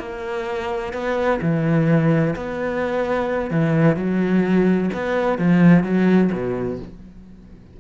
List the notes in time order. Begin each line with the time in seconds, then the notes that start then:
0.00 A#3
0.94 B3
1.42 E3
2.37 B3
3.51 E3
3.97 F#3
4.94 B3
5.39 F3
5.84 F#3
6.33 B2